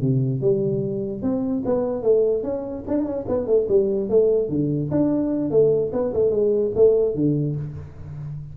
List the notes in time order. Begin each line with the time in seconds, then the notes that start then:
0.00 C3
0.41 G3
1.22 C4
1.65 B3
2.02 A3
2.43 C#4
2.87 D4
3.04 C#4
3.28 B3
3.46 A3
3.68 G3
4.09 A3
4.48 D3
4.91 D4
5.50 A3
5.92 B3
6.13 A3
6.30 G#3
6.75 A3
7.14 D3